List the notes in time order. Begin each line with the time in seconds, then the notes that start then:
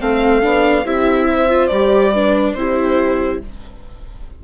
0.00 A3 C4 A4 F5
0.42 B3 D4
0.84 C4 E4 G4 E5
1.28 C5
1.49 F4
1.67 G3 G4 D5
2.13 D4 B4
2.54 C4 E4 G4 C5